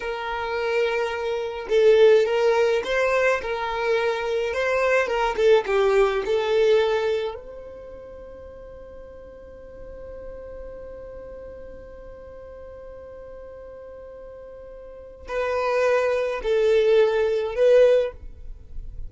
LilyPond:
\new Staff \with { instrumentName = "violin" } { \time 4/4 \tempo 4 = 106 ais'2. a'4 | ais'4 c''4 ais'2 | c''4 ais'8 a'8 g'4 a'4~ | a'4 c''2.~ |
c''1~ | c''1~ | c''2. b'4~ | b'4 a'2 b'4 | }